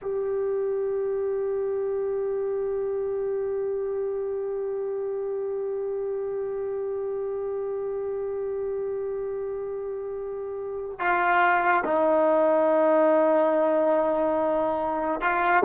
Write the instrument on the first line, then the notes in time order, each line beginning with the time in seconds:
trombone
0.02 G4
10.99 F4
11.83 D#4
15.21 F4